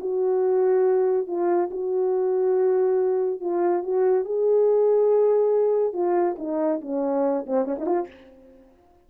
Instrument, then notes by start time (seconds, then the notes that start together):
horn
0.00 F#4
1.27 F4
1.71 F#4
3.41 F4
3.83 F#4
4.25 G#4
5.94 F4
6.39 D#4
6.81 C#4
7.47 C4
7.65 C#4
7.79 D#4
7.86 F4